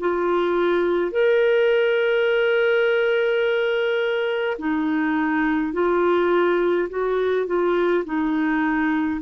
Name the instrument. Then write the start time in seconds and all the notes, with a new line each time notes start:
clarinet
0.00 F4
1.11 A#4
4.59 D#4
5.73 F4
6.89 F#4
7.47 F4
8.05 D#4